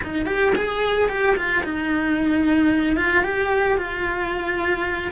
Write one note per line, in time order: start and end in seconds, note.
0.03 0.26 D#4
0.26 0.53 G4
0.55 1.08 G#4
1.08 1.35 G4
1.36 1.63 F4
1.63 2.96 D#4
2.96 3.23 F4
3.23 3.77 G4
3.77 5.11 F4